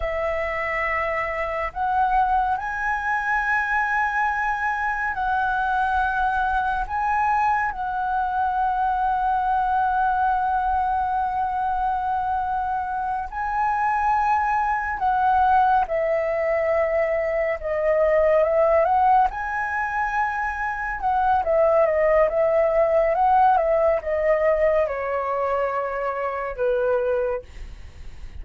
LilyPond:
\new Staff \with { instrumentName = "flute" } { \time 4/4 \tempo 4 = 70 e''2 fis''4 gis''4~ | gis''2 fis''2 | gis''4 fis''2.~ | fis''2.~ fis''8 gis''8~ |
gis''4. fis''4 e''4.~ | e''8 dis''4 e''8 fis''8 gis''4.~ | gis''8 fis''8 e''8 dis''8 e''4 fis''8 e''8 | dis''4 cis''2 b'4 | }